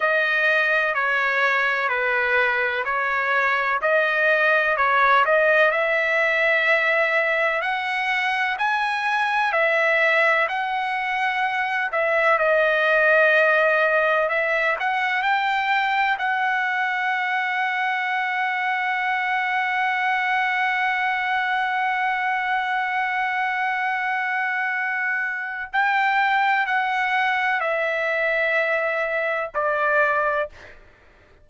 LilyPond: \new Staff \with { instrumentName = "trumpet" } { \time 4/4 \tempo 4 = 63 dis''4 cis''4 b'4 cis''4 | dis''4 cis''8 dis''8 e''2 | fis''4 gis''4 e''4 fis''4~ | fis''8 e''8 dis''2 e''8 fis''8 |
g''4 fis''2.~ | fis''1~ | fis''2. g''4 | fis''4 e''2 d''4 | }